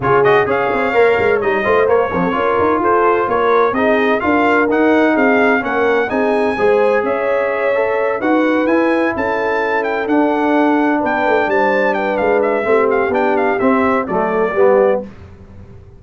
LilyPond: <<
  \new Staff \with { instrumentName = "trumpet" } { \time 4/4 \tempo 4 = 128 cis''8 dis''8 f''2 dis''4 | cis''2 c''4 cis''4 | dis''4 f''4 fis''4 f''4 | fis''4 gis''2 e''4~ |
e''4. fis''4 gis''4 a''8~ | a''4 g''8 fis''2 g''8~ | g''8 a''4 g''8 f''8 e''4 f''8 | g''8 f''8 e''4 d''2 | }
  \new Staff \with { instrumentName = "horn" } { \time 4/4 gis'4 cis''2~ cis''8 c''8~ | c''8 ais'16 a'16 ais'4 a'4 ais'4 | gis'4 ais'2 gis'4 | ais'4 gis'4 c''4 cis''4~ |
cis''4. b'2 a'8~ | a'2.~ a'8 b'8~ | b'8 c''4 b'4. g'4~ | g'2 a'4 g'4 | }
  \new Staff \with { instrumentName = "trombone" } { \time 4/4 f'8 fis'8 gis'4 ais'4 dis'8 f'8 | ais8 f8 f'2. | dis'4 f'4 dis'2 | cis'4 dis'4 gis'2~ |
gis'8 a'4 fis'4 e'4.~ | e'4. d'2~ d'8~ | d'2. c'4 | d'4 c'4 a4 b4 | }
  \new Staff \with { instrumentName = "tuba" } { \time 4/4 cis4 cis'8 c'8 ais8 gis8 g8 a8 | ais8 c'8 cis'8 dis'8 f'4 ais4 | c'4 d'4 dis'4 c'4 | ais4 c'4 gis4 cis'4~ |
cis'4. dis'4 e'4 cis'8~ | cis'4. d'2 b8 | a8 g4. gis4 a4 | b4 c'4 fis4 g4 | }
>>